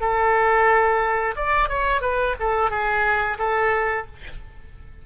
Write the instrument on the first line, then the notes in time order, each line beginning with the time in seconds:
oboe
0.00 A4
1.36 D5
1.68 C#5
2.01 B4
2.39 A4
2.70 G#4
3.38 A4